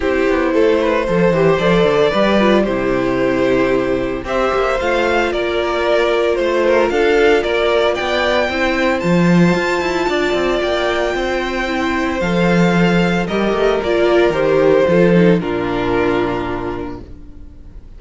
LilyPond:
<<
  \new Staff \with { instrumentName = "violin" } { \time 4/4 \tempo 4 = 113 c''2. d''4~ | d''4 c''2. | e''4 f''4 d''2 | c''4 f''4 d''4 g''4~ |
g''4 a''2. | g''2. f''4~ | f''4 dis''4 d''4 c''4~ | c''4 ais'2. | }
  \new Staff \with { instrumentName = "violin" } { \time 4/4 g'4 a'8 b'8 c''2 | b'4 g'2. | c''2 ais'2 | c''8 ais'8 a'4 ais'4 d''4 |
c''2. d''4~ | d''4 c''2.~ | c''4 ais'2. | a'4 f'2. | }
  \new Staff \with { instrumentName = "viola" } { \time 4/4 e'2 a'8 g'8 a'4 | g'8 f'8 e'2. | g'4 f'2.~ | f'1 |
e'4 f'2.~ | f'2 e'4 a'4~ | a'4 g'4 f'4 g'4 | f'8 dis'8 d'2. | }
  \new Staff \with { instrumentName = "cello" } { \time 4/4 c'8 b8 a4 f8 e8 f8 d8 | g4 c2. | c'8 ais8 a4 ais2 | a4 d'4 ais4 b4 |
c'4 f4 f'8 e'8 d'8 c'8 | ais4 c'2 f4~ | f4 g8 a8 ais4 dis4 | f4 ais,2. | }
>>